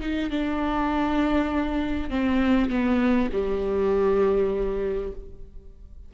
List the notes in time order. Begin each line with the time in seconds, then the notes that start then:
0.00 D#4
0.30 D4
2.09 C4
2.69 B3
3.32 G3